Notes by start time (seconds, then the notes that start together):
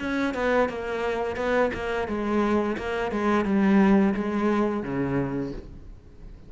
0.00 C#4
0.35 B3
0.70 A#3
1.37 B3
1.74 A#3
2.08 G#3
2.78 A#3
3.12 G#3
3.45 G3
4.15 G#3
4.83 C#3